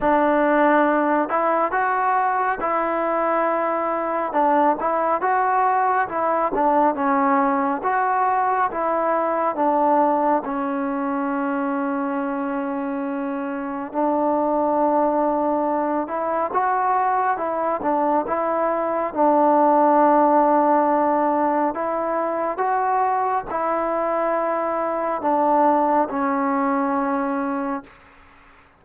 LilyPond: \new Staff \with { instrumentName = "trombone" } { \time 4/4 \tempo 4 = 69 d'4. e'8 fis'4 e'4~ | e'4 d'8 e'8 fis'4 e'8 d'8 | cis'4 fis'4 e'4 d'4 | cis'1 |
d'2~ d'8 e'8 fis'4 | e'8 d'8 e'4 d'2~ | d'4 e'4 fis'4 e'4~ | e'4 d'4 cis'2 | }